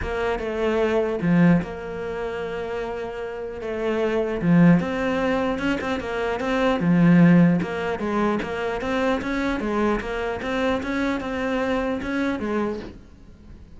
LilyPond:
\new Staff \with { instrumentName = "cello" } { \time 4/4 \tempo 4 = 150 ais4 a2 f4 | ais1~ | ais4 a2 f4 | c'2 cis'8 c'8 ais4 |
c'4 f2 ais4 | gis4 ais4 c'4 cis'4 | gis4 ais4 c'4 cis'4 | c'2 cis'4 gis4 | }